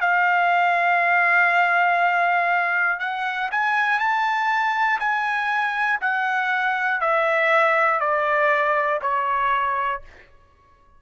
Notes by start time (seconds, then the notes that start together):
0.00 F5
2.99 F#5
3.50 G#5
3.99 A5
5.00 G#5
6.00 F#5
7.00 E5
8.00 D5
9.01 C#5